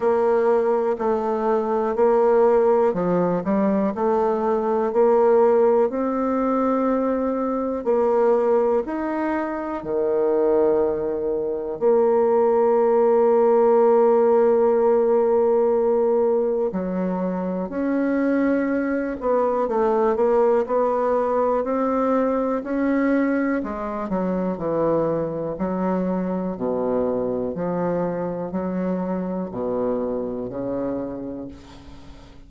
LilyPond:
\new Staff \with { instrumentName = "bassoon" } { \time 4/4 \tempo 4 = 61 ais4 a4 ais4 f8 g8 | a4 ais4 c'2 | ais4 dis'4 dis2 | ais1~ |
ais4 fis4 cis'4. b8 | a8 ais8 b4 c'4 cis'4 | gis8 fis8 e4 fis4 b,4 | f4 fis4 b,4 cis4 | }